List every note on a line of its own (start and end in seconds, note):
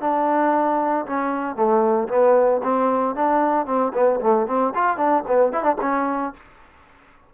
0.00 1.05 D4
1.06 1.55 C#4
1.55 2.08 A3
2.08 2.61 B3
2.63 3.15 C4
3.15 3.66 D4
3.66 3.92 C4
3.94 4.20 B3
4.20 4.46 A3
4.46 4.73 C4
4.74 4.97 F4
4.97 5.23 D4
5.27 5.52 B3
5.52 5.62 E4
5.62 5.76 D4
5.81 6.33 C#4